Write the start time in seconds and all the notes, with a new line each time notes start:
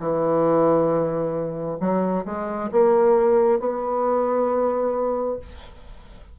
0.00 E3
1.80 F#3
2.26 G#3
2.72 A#3
3.60 B3